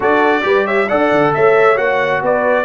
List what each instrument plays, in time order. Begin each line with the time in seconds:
0.00 tuba D4, trombone F#4, horn A4, trumpet D5
0.42 tuba G3, trombone G4, horn B4
0.65 horn C#5, trumpet E5
0.88 tuba D4, trombone A4, horn D5, trumpet F#5
1.11 tuba D3
1.34 tuba A3, horn C#5, trumpet E5
1.75 tuba A#3, trombone F#4, trumpet F#5
2.21 tuba B3, horn B4, trumpet D5